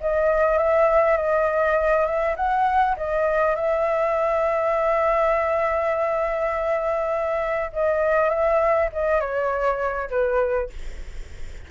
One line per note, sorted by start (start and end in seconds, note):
0.00 0.58 D#5
0.58 1.17 E5
1.17 2.05 D#5
2.05 2.35 E5
2.36 2.95 F#5
2.96 3.55 D#5
3.55 7.71 E5
7.72 8.29 D#5
8.29 8.88 E5
8.92 9.20 D#5
9.20 10.09 C#5
10.10 10.69 B4